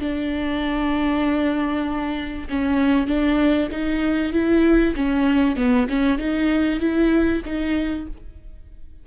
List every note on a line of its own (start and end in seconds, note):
0.00 2.47 D4
2.49 3.07 C#4
3.07 3.69 D4
3.71 4.32 D#4
4.32 4.94 E4
4.95 5.56 C#4
5.56 5.87 B3
5.88 6.18 C#4
6.18 6.79 D#4
6.79 7.41 E4
7.45 8.06 D#4